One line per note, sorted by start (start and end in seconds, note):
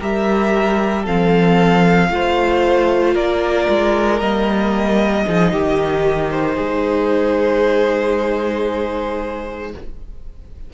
0.00 1.07 G3
0.00 1.06 G4
0.00 1.03 A#4
0.00 1.06 E5
1.03 2.11 F3
1.03 2.11 C4
1.03 2.08 A4
1.03 3.16 F5
2.11 3.15 A3
2.11 4.21 F4
2.11 3.15 C5
3.15 3.68 A#3
3.15 5.25 A#4
3.15 4.21 D5
3.69 4.21 G#3
4.21 5.27 G3
4.21 5.27 A#3
4.21 6.31 D#5
5.27 5.53 F3
5.27 9.74 D#4
5.27 5.53 G#4
5.53 6.58 D#3
5.53 6.55 G4
6.31 9.73 C5
6.55 9.74 G#3
6.55 9.70 G#4